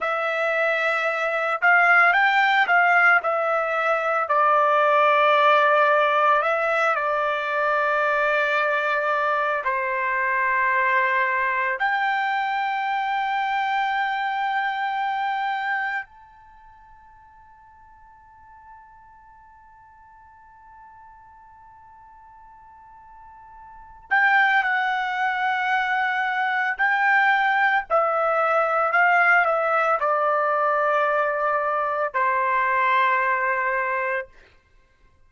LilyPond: \new Staff \with { instrumentName = "trumpet" } { \time 4/4 \tempo 4 = 56 e''4. f''8 g''8 f''8 e''4 | d''2 e''8 d''4.~ | d''4 c''2 g''4~ | g''2. a''4~ |
a''1~ | a''2~ a''8 g''8 fis''4~ | fis''4 g''4 e''4 f''8 e''8 | d''2 c''2 | }